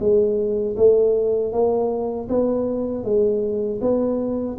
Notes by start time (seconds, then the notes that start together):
0.00 G#3
0.77 A3
1.53 A#3
2.29 B3
3.04 G#3
3.81 B3